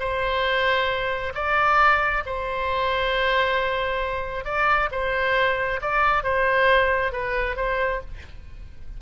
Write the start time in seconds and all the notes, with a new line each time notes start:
0.00 C5
1.35 D5
2.26 C5
4.45 D5
4.92 C5
5.82 D5
6.24 C5
7.13 B4
7.56 C5